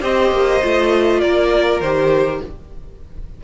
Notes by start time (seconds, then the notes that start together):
0.00 C4 G4 C5 D#5
0.31 A#3
0.61 A3 F4
1.20 A#3 A#4 D5
1.80 D#3 G4 C5